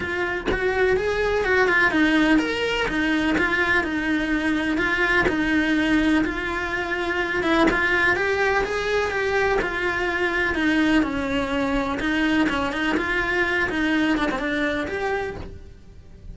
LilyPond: \new Staff \with { instrumentName = "cello" } { \time 4/4 \tempo 4 = 125 f'4 fis'4 gis'4 fis'8 f'8 | dis'4 ais'4 dis'4 f'4 | dis'2 f'4 dis'4~ | dis'4 f'2~ f'8 e'8 |
f'4 g'4 gis'4 g'4 | f'2 dis'4 cis'4~ | cis'4 dis'4 cis'8 dis'8 f'4~ | f'8 dis'4 d'16 c'16 d'4 g'4 | }